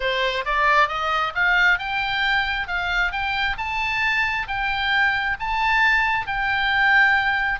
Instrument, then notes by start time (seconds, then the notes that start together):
oboe
0.00 C5
0.45 D5
0.88 D#5
1.35 F5
1.78 G5
2.67 F5
3.12 G5
3.57 A5
4.47 G5
5.39 A5
6.26 G5